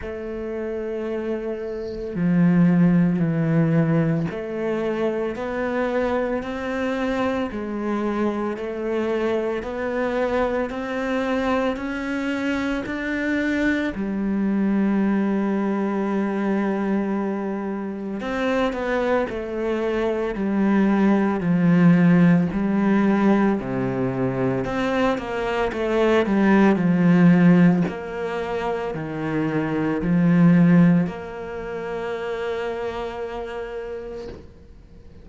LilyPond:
\new Staff \with { instrumentName = "cello" } { \time 4/4 \tempo 4 = 56 a2 f4 e4 | a4 b4 c'4 gis4 | a4 b4 c'4 cis'4 | d'4 g2.~ |
g4 c'8 b8 a4 g4 | f4 g4 c4 c'8 ais8 | a8 g8 f4 ais4 dis4 | f4 ais2. | }